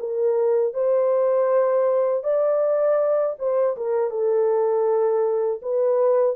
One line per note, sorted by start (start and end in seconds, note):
0.00 0.74 A#4
0.74 2.24 C5
2.24 3.36 D5
3.39 3.77 C5
3.77 4.11 A#4
4.11 5.61 A4
5.62 6.36 B4